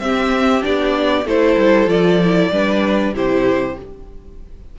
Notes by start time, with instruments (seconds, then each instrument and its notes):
0.00 cello C4, viola C4, violin G4 E5
0.61 cello B3, viola D4, violin D5
1.26 cello A3, viola E4, violin A4 C5
1.58 cello G3
1.87 cello F3, viola F4, violin D5
2.24 viola E4
2.51 cello G3, viola D4, violin B4
3.14 cello C3, viola E4, violin G4 C5